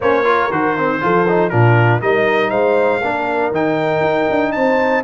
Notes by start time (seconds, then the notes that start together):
0.00 A#3 C#4 C5 C#5
0.24 F4 A#4
0.50 D#3 F#4 C5
0.77 C4
1.01 F3 F4 A4
1.28 D#4
1.49 A#2 D4 F4 A#4
2.00 G3 D#4 A#4 D#5
2.50 G#3 C5 F5
3.01 A#3 D4 A#4
3.51 D#3 D#4 G5
4.00 D#4
4.30 D4
4.52 C4 C5 A5